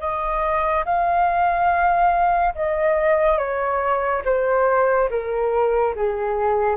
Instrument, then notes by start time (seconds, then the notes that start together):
flute
0.00 D#5
0.85 F5
2.55 D#5
3.38 C#5
4.25 C5
5.10 A#4
5.95 G#4